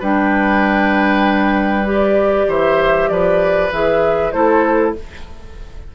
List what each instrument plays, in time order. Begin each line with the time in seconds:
0.00 bassoon G3, clarinet D4, oboe B4, flute G5
1.85 clarinet G4, flute D5
2.48 bassoon E3, oboe C5, flute E5
3.09 bassoon F3, oboe B4, flute D5
3.72 bassoon E3, clarinet G#4, flute E5
4.32 bassoon A3, clarinet E4, oboe A4, flute C5